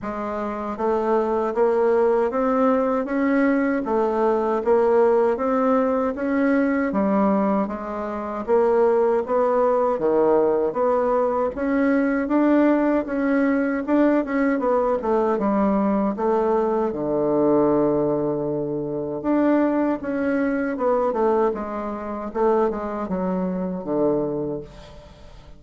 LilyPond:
\new Staff \with { instrumentName = "bassoon" } { \time 4/4 \tempo 4 = 78 gis4 a4 ais4 c'4 | cis'4 a4 ais4 c'4 | cis'4 g4 gis4 ais4 | b4 dis4 b4 cis'4 |
d'4 cis'4 d'8 cis'8 b8 a8 | g4 a4 d2~ | d4 d'4 cis'4 b8 a8 | gis4 a8 gis8 fis4 d4 | }